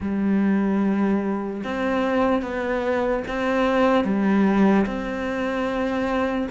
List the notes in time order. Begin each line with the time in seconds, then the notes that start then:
0.00 G3
1.64 C4
2.42 B3
3.27 C4
4.04 G3
4.85 C4